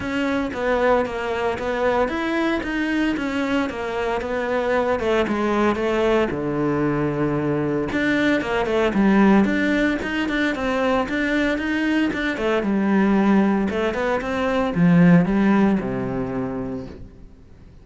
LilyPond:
\new Staff \with { instrumentName = "cello" } { \time 4/4 \tempo 4 = 114 cis'4 b4 ais4 b4 | e'4 dis'4 cis'4 ais4 | b4. a8 gis4 a4 | d2. d'4 |
ais8 a8 g4 d'4 dis'8 d'8 | c'4 d'4 dis'4 d'8 a8 | g2 a8 b8 c'4 | f4 g4 c2 | }